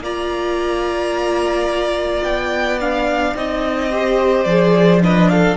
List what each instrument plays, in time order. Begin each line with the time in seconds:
0.00 cello A#3, viola F4, violin D5 A#5
2.23 cello B3, violin G5
2.81 viola D4, violin F5
3.35 cello C4, viola D#4, violin D#5
3.91 viola G4, violin C5
4.44 cello F3, viola G#4, violin D5
5.01 viola D4, violin B4 D#5
5.29 violin A4 F5